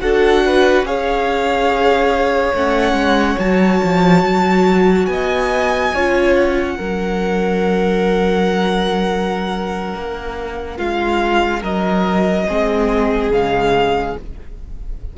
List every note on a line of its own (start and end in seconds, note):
0.00 0.83 D4
0.00 0.85 F#4
0.00 0.44 A4
0.00 0.85 F#5
0.45 0.86 B4
0.83 2.52 C#4
0.83 2.54 G#4
0.83 5.09 C#5
0.83 2.55 F5
2.53 2.92 A3
2.53 3.39 C#4
2.53 3.39 F#5
2.92 3.35 G#3
3.38 3.80 F#3
3.38 5.93 F#4
3.38 5.05 A5
3.83 4.22 F3
4.22 5.07 F#3
5.05 5.91 B3
5.05 5.94 D#5
5.05 6.32 G#5
5.93 6.78 C#4
5.93 6.77 F4
5.93 6.76 C#5
6.35 10.77 F#5
6.76 9.94 F#3
6.76 12.47 C#4
6.76 10.76 A#4
9.94 10.78 A#3
10.76 11.62 G#3
10.76 11.60 F4
10.76 11.62 F5
11.60 12.47 F#3
11.60 12.45 A#4
11.60 13.32 D#5
12.47 13.29 G#3
12.47 13.32 C4
12.47 14.17 G#4
13.29 14.13 C#3
13.29 14.17 G#3
13.29 14.16 F5